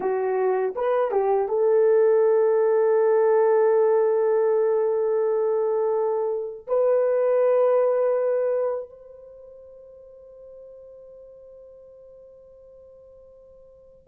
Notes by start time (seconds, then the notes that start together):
0.00 F#4
0.75 B4
1.11 G4
1.48 A4
6.67 B4
8.89 C5